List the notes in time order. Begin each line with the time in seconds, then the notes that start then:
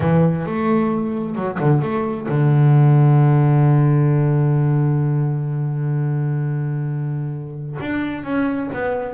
0.00 E3
0.46 A3
1.35 F#3
1.59 D3
1.81 A3
2.28 D3
7.80 D4
8.23 C#4
8.73 B3